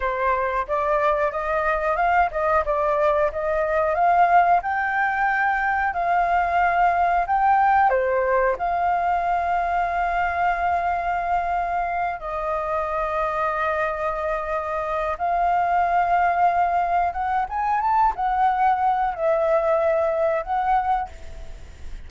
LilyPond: \new Staff \with { instrumentName = "flute" } { \time 4/4 \tempo 4 = 91 c''4 d''4 dis''4 f''8 dis''8 | d''4 dis''4 f''4 g''4~ | g''4 f''2 g''4 | c''4 f''2.~ |
f''2~ f''8 dis''4.~ | dis''2. f''4~ | f''2 fis''8 gis''8 a''8 fis''8~ | fis''4 e''2 fis''4 | }